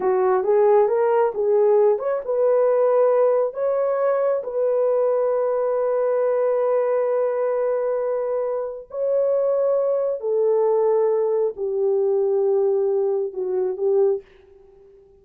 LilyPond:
\new Staff \with { instrumentName = "horn" } { \time 4/4 \tempo 4 = 135 fis'4 gis'4 ais'4 gis'4~ | gis'8 cis''8 b'2. | cis''2 b'2~ | b'1~ |
b'1 | cis''2. a'4~ | a'2 g'2~ | g'2 fis'4 g'4 | }